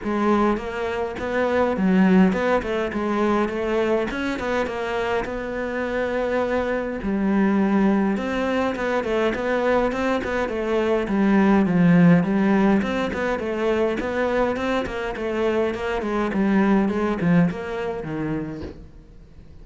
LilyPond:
\new Staff \with { instrumentName = "cello" } { \time 4/4 \tempo 4 = 103 gis4 ais4 b4 fis4 | b8 a8 gis4 a4 cis'8 b8 | ais4 b2. | g2 c'4 b8 a8 |
b4 c'8 b8 a4 g4 | f4 g4 c'8 b8 a4 | b4 c'8 ais8 a4 ais8 gis8 | g4 gis8 f8 ais4 dis4 | }